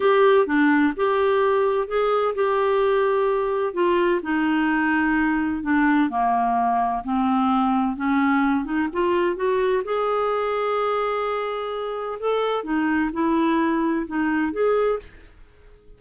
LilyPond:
\new Staff \with { instrumentName = "clarinet" } { \time 4/4 \tempo 4 = 128 g'4 d'4 g'2 | gis'4 g'2. | f'4 dis'2. | d'4 ais2 c'4~ |
c'4 cis'4. dis'8 f'4 | fis'4 gis'2.~ | gis'2 a'4 dis'4 | e'2 dis'4 gis'4 | }